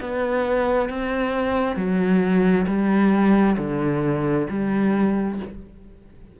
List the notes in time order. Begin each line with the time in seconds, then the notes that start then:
0.00 B3
0.89 C4
1.76 F#3
2.67 G3
3.58 D3
4.50 G3